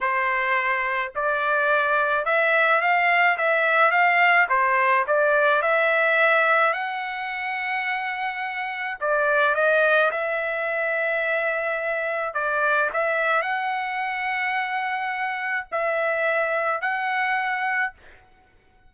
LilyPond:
\new Staff \with { instrumentName = "trumpet" } { \time 4/4 \tempo 4 = 107 c''2 d''2 | e''4 f''4 e''4 f''4 | c''4 d''4 e''2 | fis''1 |
d''4 dis''4 e''2~ | e''2 d''4 e''4 | fis''1 | e''2 fis''2 | }